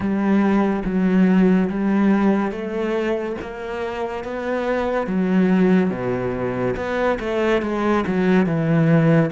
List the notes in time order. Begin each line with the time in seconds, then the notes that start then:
0.00 G3
0.85 F#3
1.69 G3
2.51 A3
3.41 A#3
4.24 B3
5.07 F#3
5.90 B2
6.76 B3
7.19 A3
7.62 G#3
8.07 F#3
8.45 E3